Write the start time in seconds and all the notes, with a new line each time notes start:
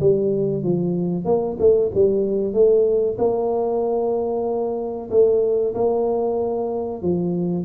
0.00 G3
0.63 F3
1.25 A#3
1.59 A3
1.94 G3
2.53 A3
3.18 A#3
5.10 A3
5.74 A#3
7.02 F3